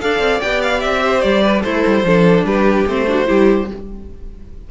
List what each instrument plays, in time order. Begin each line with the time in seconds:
0.00 cello D4, viola A4, violin D5 F5
0.19 cello C4
0.40 cello B3, viola G4, violin G5
0.62 violin F5
0.80 cello C4, violin E5
1.02 violin C5
1.21 cello G3, violin D5
1.42 violin B4
1.60 cello A3, violin E4 C5, viola A4
1.86 cello G3
2.03 cello F3, viola D4, violin A4
2.44 cello G3, violin G4 B4
2.86 cello A3, viola C4, violin C5
3.06 viola D4, violin F#4
3.25 cello G3, viola E4, violin G4